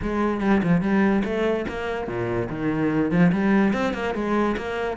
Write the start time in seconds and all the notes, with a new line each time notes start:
0.02 G#3
0.40 G3
0.63 F3
0.81 G3
1.24 A3
1.68 A#3
2.07 A#2
2.49 D#3
3.11 F3
3.32 G3
3.73 C4
3.93 A#3
4.14 G#3
4.57 A#3